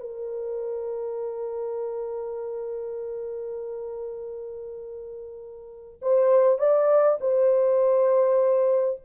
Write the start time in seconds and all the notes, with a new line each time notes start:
0.00 A#4
6.02 C5
6.59 D5
7.20 C5